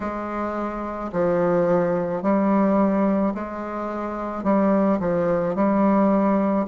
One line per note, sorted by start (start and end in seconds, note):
0.00 1.11 G#3
1.12 2.22 F3
2.22 3.33 G3
3.34 4.43 G#3
4.43 4.98 G3
4.99 5.55 F3
5.55 6.66 G3